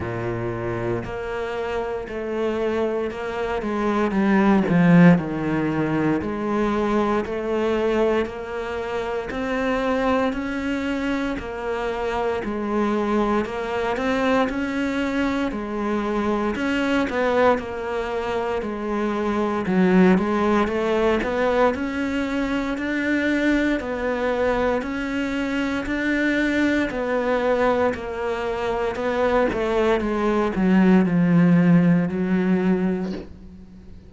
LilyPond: \new Staff \with { instrumentName = "cello" } { \time 4/4 \tempo 4 = 58 ais,4 ais4 a4 ais8 gis8 | g8 f8 dis4 gis4 a4 | ais4 c'4 cis'4 ais4 | gis4 ais8 c'8 cis'4 gis4 |
cis'8 b8 ais4 gis4 fis8 gis8 | a8 b8 cis'4 d'4 b4 | cis'4 d'4 b4 ais4 | b8 a8 gis8 fis8 f4 fis4 | }